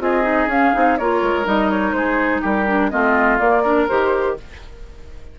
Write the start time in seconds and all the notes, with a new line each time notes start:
0.00 C4 F4 G#4 D#5
0.23 D#4
0.47 C#4 F5
0.74 C4 D#4
0.98 A#3 F4 A#4 C#5
1.23 G#3
1.45 G3 D#4 D#5
1.70 C#5
1.93 G#3 G#4 C5
2.42 G3 G4 A#4
2.67 D4
2.90 A3 C4 F4 D#5
3.39 A#3 D5
3.63 D4 A#4
3.89 D#3 G4 C5